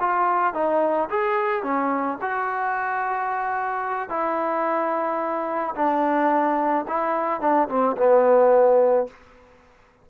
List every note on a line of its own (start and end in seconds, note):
0.00 0.54 F4
0.54 1.09 D#4
1.10 1.63 G#4
1.63 2.18 C#4
2.22 4.10 F#4
4.10 5.75 E4
5.75 6.85 D4
6.88 7.41 E4
7.41 7.68 D4
7.69 7.96 C4
7.97 9.07 B3